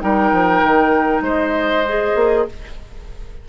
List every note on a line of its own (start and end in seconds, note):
0.00 0.32 G3
0.00 1.84 D#4
0.00 1.23 A#4
0.00 1.23 G5
0.32 0.63 F3
0.63 1.21 D#3
1.21 2.13 G#3
1.21 2.46 C5
1.21 2.49 D#5
1.87 2.49 G#4
2.15 2.45 A#3